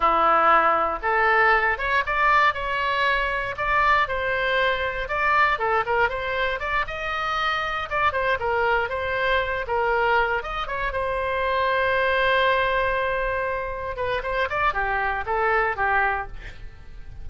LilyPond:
\new Staff \with { instrumentName = "oboe" } { \time 4/4 \tempo 4 = 118 e'2 a'4. cis''8 | d''4 cis''2 d''4 | c''2 d''4 a'8 ais'8 | c''4 d''8 dis''2 d''8 |
c''8 ais'4 c''4. ais'4~ | ais'8 dis''8 cis''8 c''2~ c''8~ | c''2.~ c''8 b'8 | c''8 d''8 g'4 a'4 g'4 | }